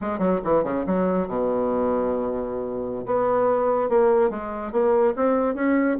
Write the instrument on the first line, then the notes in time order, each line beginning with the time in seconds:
bassoon
0.01 G#3
0.18 F#3
0.44 E3
0.63 C#3
0.86 F#3
1.27 B2
3.05 B3
3.89 A#3
4.30 G#3
4.71 A#3
5.16 C4
5.54 C#4